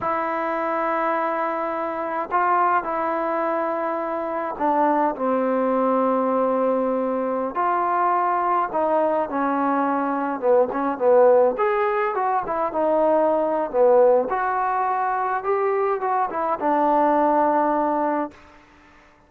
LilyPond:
\new Staff \with { instrumentName = "trombone" } { \time 4/4 \tempo 4 = 105 e'1 | f'4 e'2. | d'4 c'2.~ | c'4~ c'16 f'2 dis'8.~ |
dis'16 cis'2 b8 cis'8 b8.~ | b16 gis'4 fis'8 e'8 dis'4.~ dis'16 | b4 fis'2 g'4 | fis'8 e'8 d'2. | }